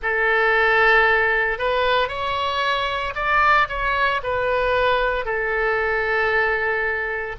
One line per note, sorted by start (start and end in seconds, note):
0.02 1.58 A4
1.58 2.08 B4
2.08 3.13 C#5
3.15 3.67 D5
3.68 4.21 C#5
4.23 5.25 B4
5.25 7.35 A4